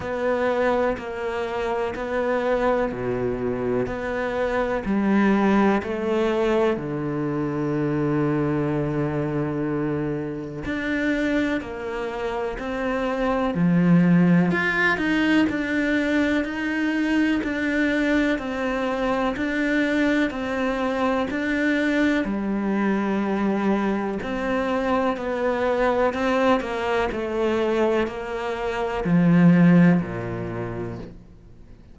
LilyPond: \new Staff \with { instrumentName = "cello" } { \time 4/4 \tempo 4 = 62 b4 ais4 b4 b,4 | b4 g4 a4 d4~ | d2. d'4 | ais4 c'4 f4 f'8 dis'8 |
d'4 dis'4 d'4 c'4 | d'4 c'4 d'4 g4~ | g4 c'4 b4 c'8 ais8 | a4 ais4 f4 ais,4 | }